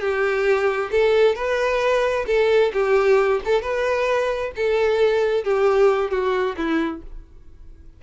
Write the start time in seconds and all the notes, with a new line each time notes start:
0.00 G4
0.91 A4
1.35 B4
2.27 A4
2.73 G4
3.45 A4
3.61 B4
4.56 A4
5.44 G4
6.11 F#4
6.57 E4